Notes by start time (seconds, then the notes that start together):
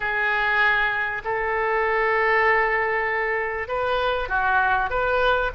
0.00 G#4
1.24 A4
3.68 B4
4.28 F#4
4.90 B4